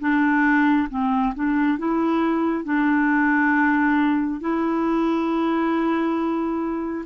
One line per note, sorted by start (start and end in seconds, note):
0.00 0.88 D4
0.89 1.34 C4
1.34 1.78 D4
1.78 2.64 E4
2.64 4.40 D4
4.40 7.05 E4